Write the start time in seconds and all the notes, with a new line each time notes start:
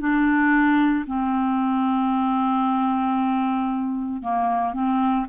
0.00 D4
1.07 C4
4.22 A#3
4.74 C4